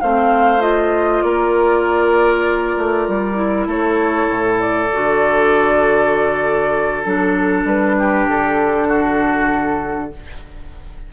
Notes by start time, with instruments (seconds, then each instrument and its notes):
0.00 bassoon A3, clarinet C4, oboe C5, flute F5
0.59 clarinet F4, flute D#5
1.22 bassoon A#3, oboe A#4, flute D5
2.77 bassoon A3
3.08 bassoon G3
3.34 clarinet E4
3.67 bassoon A3, oboe A4, flute C#5
4.28 bassoon A2
4.60 flute D5
4.93 bassoon D3, clarinet F#4
7.02 bassoon F#3, clarinet D4, flute A4
7.64 bassoon G3, flute B4
7.98 oboe G4
8.28 bassoon D3, flute A4
8.88 oboe F#4